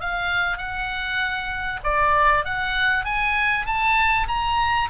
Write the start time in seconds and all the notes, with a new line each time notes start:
0.00 F5
0.57 F#5
1.83 D5
2.44 F#5
3.04 G#5
3.65 A5
4.28 A#5